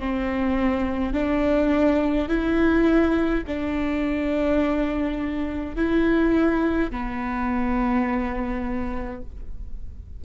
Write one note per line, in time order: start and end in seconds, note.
0.00 1.14 C4
1.14 2.29 D4
2.29 3.44 E4
3.47 5.76 D4
5.76 6.91 E4
6.91 9.22 B3